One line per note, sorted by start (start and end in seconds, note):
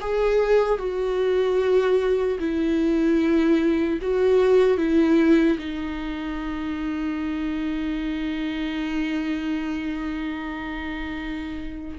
0.00 0.78 G#4
0.78 2.38 F#4
2.39 3.99 E4
4.01 4.77 F#4
4.77 5.57 E4
5.58 11.98 D#4